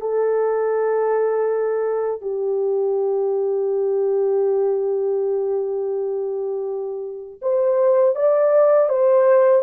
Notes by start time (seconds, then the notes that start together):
0.00 A4
2.21 G4
7.41 C5
8.15 D5
8.89 C5